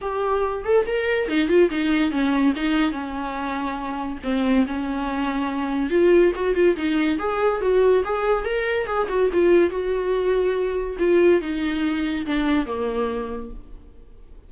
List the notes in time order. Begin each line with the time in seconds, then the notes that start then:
0.01 G4
0.64 A4
0.86 A#4
1.28 D#4
1.48 F4
1.70 D#4
2.11 C#4
2.56 D#4
2.91 C#4
4.23 C4
4.66 C#4
5.89 F4
6.35 F#4
6.54 F4
6.76 D#4
7.18 G#4
7.61 F#4
8.04 G#4
8.44 A#4
8.86 G#4
9.08 F#4
9.32 F4
9.70 F#4
10.99 F4
11.41 D#4
12.26 D4
12.65 A#3